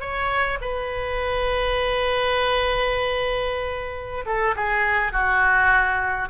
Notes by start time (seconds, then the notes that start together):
0.00 C#5
0.61 B4
4.26 A4
4.55 G#4
5.12 F#4